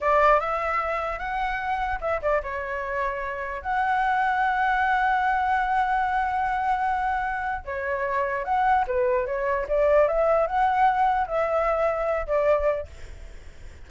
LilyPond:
\new Staff \with { instrumentName = "flute" } { \time 4/4 \tempo 4 = 149 d''4 e''2 fis''4~ | fis''4 e''8 d''8 cis''2~ | cis''4 fis''2.~ | fis''1~ |
fis''2. cis''4~ | cis''4 fis''4 b'4 cis''4 | d''4 e''4 fis''2 | e''2~ e''8 d''4. | }